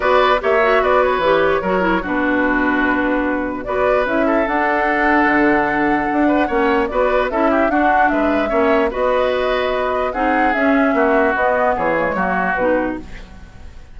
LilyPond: <<
  \new Staff \with { instrumentName = "flute" } { \time 4/4 \tempo 4 = 148 d''4 e''4 d''8 cis''4.~ | cis''4 b'2.~ | b'4 d''4 e''4 fis''4~ | fis''1~ |
fis''4 d''4 e''4 fis''4 | e''2 dis''2~ | dis''4 fis''4 e''2 | dis''4 cis''2 b'4 | }
  \new Staff \with { instrumentName = "oboe" } { \time 4/4 b'4 cis''4 b'2 | ais'4 fis'2.~ | fis'4 b'4. a'4.~ | a'2.~ a'8 b'8 |
cis''4 b'4 a'8 g'8 fis'4 | b'4 cis''4 b'2~ | b'4 gis'2 fis'4~ | fis'4 gis'4 fis'2 | }
  \new Staff \with { instrumentName = "clarinet" } { \time 4/4 fis'4 g'8 fis'4. g'4 | fis'8 e'8 d'2.~ | d'4 fis'4 e'4 d'4~ | d'1 |
cis'4 fis'4 e'4 d'4~ | d'4 cis'4 fis'2~ | fis'4 dis'4 cis'2 | b4. ais16 gis16 ais4 dis'4 | }
  \new Staff \with { instrumentName = "bassoon" } { \time 4/4 b4 ais4 b4 e4 | fis4 b,2.~ | b,4 b4 cis'4 d'4~ | d'4 d2 d'4 |
ais4 b4 cis'4 d'4 | gis4 ais4 b2~ | b4 c'4 cis'4 ais4 | b4 e4 fis4 b,4 | }
>>